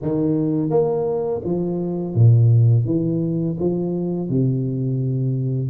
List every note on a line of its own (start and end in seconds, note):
0.02 0.69 D#3
0.69 1.41 A#3
1.44 2.14 F3
2.14 2.85 A#2
2.85 3.56 E3
3.59 4.29 F3
4.29 5.69 C3